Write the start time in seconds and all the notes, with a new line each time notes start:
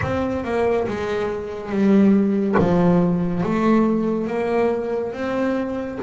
0.02 C4
0.44 A#3
0.87 G#3
1.69 G3
2.58 F3
3.43 A3
4.27 A#3
5.12 C4